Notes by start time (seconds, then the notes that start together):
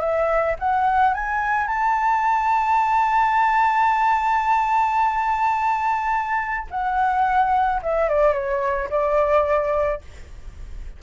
0.00 E5
0.59 F#5
1.14 G#5
1.67 A5
6.70 F#5
7.82 E5
8.09 D5
8.33 C#5
8.90 D5